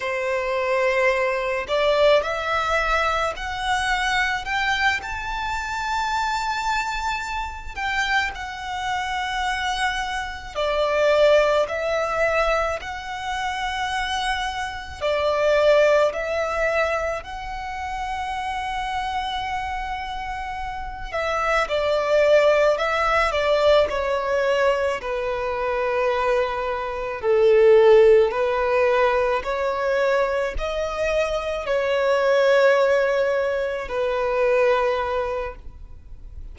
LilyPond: \new Staff \with { instrumentName = "violin" } { \time 4/4 \tempo 4 = 54 c''4. d''8 e''4 fis''4 | g''8 a''2~ a''8 g''8 fis''8~ | fis''4. d''4 e''4 fis''8~ | fis''4. d''4 e''4 fis''8~ |
fis''2. e''8 d''8~ | d''8 e''8 d''8 cis''4 b'4.~ | b'8 a'4 b'4 cis''4 dis''8~ | dis''8 cis''2 b'4. | }